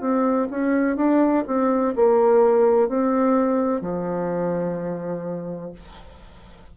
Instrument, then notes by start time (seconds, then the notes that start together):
bassoon
0.00 C4
0.50 C#4
0.97 D4
1.47 C4
1.96 A#3
2.88 C4
3.81 F3